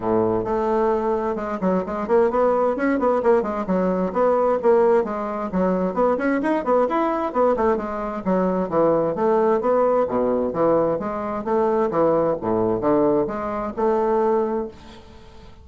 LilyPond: \new Staff \with { instrumentName = "bassoon" } { \time 4/4 \tempo 4 = 131 a,4 a2 gis8 fis8 | gis8 ais8 b4 cis'8 b8 ais8 gis8 | fis4 b4 ais4 gis4 | fis4 b8 cis'8 dis'8 b8 e'4 |
b8 a8 gis4 fis4 e4 | a4 b4 b,4 e4 | gis4 a4 e4 a,4 | d4 gis4 a2 | }